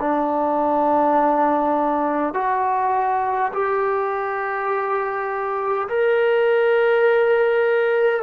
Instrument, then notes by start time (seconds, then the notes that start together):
trombone
0.00 D4
2.34 F#4
3.53 G4
5.89 A#4